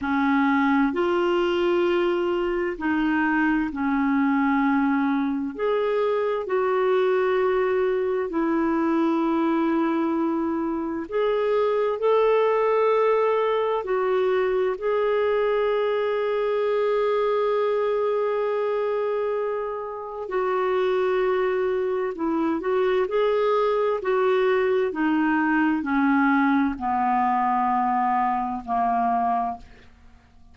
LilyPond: \new Staff \with { instrumentName = "clarinet" } { \time 4/4 \tempo 4 = 65 cis'4 f'2 dis'4 | cis'2 gis'4 fis'4~ | fis'4 e'2. | gis'4 a'2 fis'4 |
gis'1~ | gis'2 fis'2 | e'8 fis'8 gis'4 fis'4 dis'4 | cis'4 b2 ais4 | }